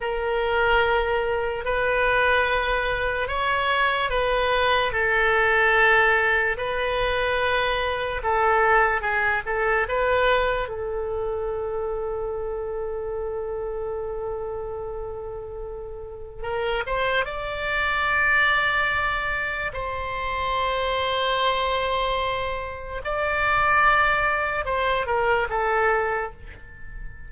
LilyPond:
\new Staff \with { instrumentName = "oboe" } { \time 4/4 \tempo 4 = 73 ais'2 b'2 | cis''4 b'4 a'2 | b'2 a'4 gis'8 a'8 | b'4 a'2.~ |
a'1 | ais'8 c''8 d''2. | c''1 | d''2 c''8 ais'8 a'4 | }